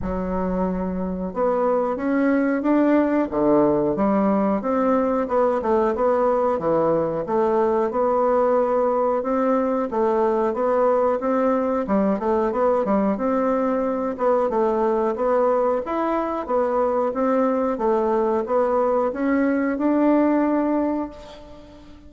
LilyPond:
\new Staff \with { instrumentName = "bassoon" } { \time 4/4 \tempo 4 = 91 fis2 b4 cis'4 | d'4 d4 g4 c'4 | b8 a8 b4 e4 a4 | b2 c'4 a4 |
b4 c'4 g8 a8 b8 g8 | c'4. b8 a4 b4 | e'4 b4 c'4 a4 | b4 cis'4 d'2 | }